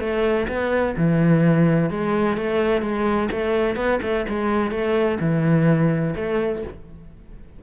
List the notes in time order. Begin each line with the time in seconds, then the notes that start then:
0.00 A3
0.49 B3
0.97 E3
1.90 G#3
2.37 A3
2.82 G#3
3.32 A3
3.76 B3
4.03 A3
4.29 G#3
4.71 A3
5.20 E3
6.16 A3